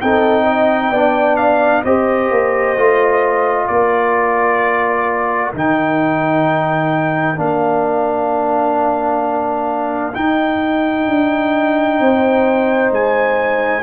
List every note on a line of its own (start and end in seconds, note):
0.00 0.90 C4
0.00 0.94 D#4
0.00 0.43 A4
0.00 1.36 G5
0.43 0.89 D#5
0.90 1.83 B3
0.90 1.86 D4
0.90 1.83 D5
1.36 1.82 F5
1.84 2.30 C4
1.84 2.77 G4
1.84 3.67 C5
1.84 3.67 D#5
2.30 2.76 A#3
2.76 3.68 A3
2.76 5.54 F4
3.67 5.53 A#3
3.67 11.98 A#4
3.67 5.52 D5
5.54 7.37 D#3
5.54 7.36 D#4
5.54 7.39 G5
7.36 10.14 A#3
7.36 10.13 D4
7.36 10.14 F5
10.13 13.83 D#4
10.13 11.07 D#4
10.13 12.91 G5
11.08 12.00 D4
12.00 12.91 C4
12.00 13.83 C5
12.91 13.83 G#3
12.91 13.83 G#5